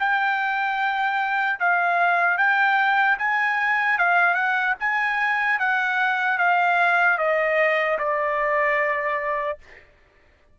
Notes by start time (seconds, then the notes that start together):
0.00 G5
1.60 F5
2.38 G5
3.19 G#5
3.99 F5
4.35 F#5
4.80 G#5
5.60 F#5
6.39 F5
7.19 D#5
7.99 D5